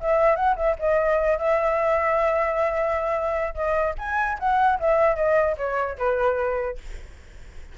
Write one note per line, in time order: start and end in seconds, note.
0.00 0.36 E5
0.36 0.56 F#5
0.56 0.76 E5
0.79 1.38 D#5
1.38 3.54 E5
3.54 3.94 D#5
3.98 4.38 G#5
4.39 4.79 F#5
4.80 5.16 E5
5.16 5.56 D#5
5.57 5.97 C#5
5.97 6.77 B4